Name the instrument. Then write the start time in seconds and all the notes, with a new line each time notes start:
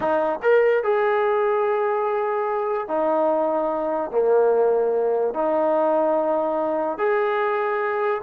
trombone
0.00 D#4
0.42 A#4
0.83 G#4
2.88 D#4
4.11 A#3
5.33 D#4
6.98 G#4